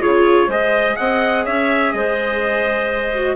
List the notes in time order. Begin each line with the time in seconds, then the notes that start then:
0.00 C#3 F4 G#4 C#5
0.46 G#3 G#4 C5 D#5
0.96 C4 D#5 F#5
1.45 C#4 C#5 E5
1.92 G#3 C5 D#5
3.14 F#4